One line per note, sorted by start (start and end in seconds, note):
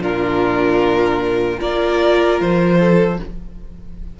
0.00 1.58 A#2
0.00 1.59 D4
0.00 1.60 F4
0.00 1.61 A#4
1.59 2.40 A#3
1.59 3.17 F4
1.59 2.78 A#4
1.59 2.40 D5
2.40 3.19 F3
2.40 3.20 C5
2.80 3.19 A4